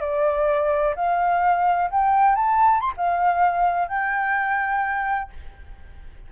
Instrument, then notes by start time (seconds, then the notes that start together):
flute
0.00 D5
0.95 F5
1.90 G5
2.35 A5
2.80 C6
2.97 F5
3.88 G5